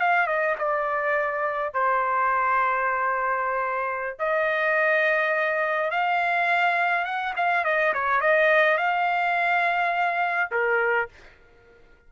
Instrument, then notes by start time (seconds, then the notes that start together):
trumpet
0.00 F5
0.27 D#5
0.58 D5
1.74 C5
4.19 D#5
5.91 F5
7.05 F#5
7.37 F5
7.64 D#5
7.94 C#5
8.21 D#5
8.78 F5
10.51 A#4